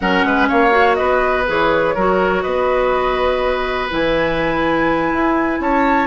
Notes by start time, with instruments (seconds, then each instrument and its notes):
0.00 bassoon F#3, clarinet C#4, oboe A#4, flute F#5
0.24 bassoon G#3, oboe B4
0.48 bassoon A#3, oboe C#5, flute F5
0.70 clarinet F#4
0.94 bassoon B3, oboe B4, flute D#5
1.46 bassoon E3, clarinet G#4, flute C#5
1.95 bassoon F#3, clarinet F#4, oboe A#4
2.42 bassoon B3, oboe B4, flute D#5
3.90 bassoon E3, clarinet E4, flute G#5
5.12 bassoon E4
5.60 bassoon C#4, oboe C#5, flute A5